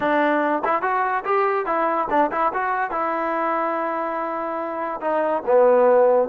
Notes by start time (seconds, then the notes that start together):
0.00 D4
0.64 E4
0.81 F#4
1.24 G4
1.66 E4
2.10 D4
2.31 E4
2.53 F#4
2.90 E4
5.00 D#4
5.46 B3